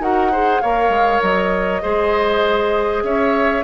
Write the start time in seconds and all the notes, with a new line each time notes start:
0.00 D#4 F#4 A#4 F#5
0.32 G#4 C5
0.61 A#3 A#4 C#5 F5
0.89 G#3
1.22 F#3 D#5
1.82 G#3 G#4 C5
3.03 C#4 C#5 E5